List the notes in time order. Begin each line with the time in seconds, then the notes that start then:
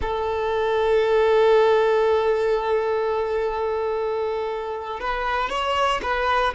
0.01 A4
5.00 B4
5.49 C#5
6.02 B4